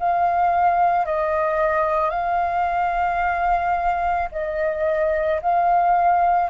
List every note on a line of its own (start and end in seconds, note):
0.00 1.06 F5
1.06 2.10 D#5
2.10 4.28 F5
4.31 5.40 D#5
5.41 6.50 F5